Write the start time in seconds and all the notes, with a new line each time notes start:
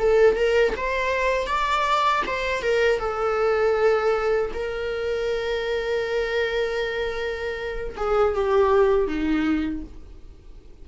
0.00 A4
0.36 A#4
0.77 C5
1.47 D5
2.27 C5
2.63 A#4
3.00 A4
4.55 A#4
7.97 G#4
8.35 G4
9.08 D#4